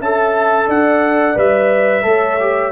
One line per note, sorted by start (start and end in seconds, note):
0.00 0.68 C#4
0.00 1.36 A4
0.00 0.67 E5
0.00 0.70 A5
0.67 1.37 D4
0.67 2.04 D5
0.67 1.39 F#5
1.36 2.05 G3
1.36 2.03 B4
1.36 2.72 E5
2.03 2.72 A3
2.03 2.37 A4
2.03 2.72 C#5
2.40 2.72 G4